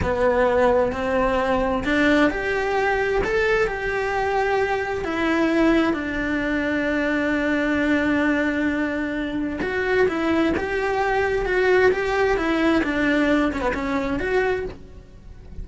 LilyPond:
\new Staff \with { instrumentName = "cello" } { \time 4/4 \tempo 4 = 131 b2 c'2 | d'4 g'2 a'4 | g'2. e'4~ | e'4 d'2.~ |
d'1~ | d'4 fis'4 e'4 g'4~ | g'4 fis'4 g'4 e'4 | d'4. cis'16 b16 cis'4 fis'4 | }